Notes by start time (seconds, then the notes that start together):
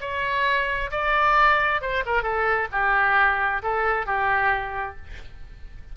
0.00 C#5
0.91 D5
1.81 C5
2.05 A#4
2.22 A4
2.71 G4
3.63 A4
4.06 G4